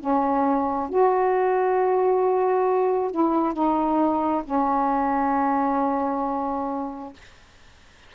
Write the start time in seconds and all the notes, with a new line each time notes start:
0.00 C#4
0.90 F#4
3.11 E4
3.53 D#4
4.45 C#4